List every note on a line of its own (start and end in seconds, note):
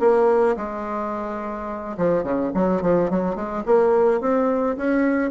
0.00 0.56 A#3
0.56 1.97 G#3
1.97 2.24 F3
2.24 2.52 C#3
2.54 2.82 F#3
2.82 3.10 F3
3.10 3.35 F#3
3.35 3.63 G#3
3.66 4.21 A#3
4.21 4.77 C4
4.77 5.31 C#4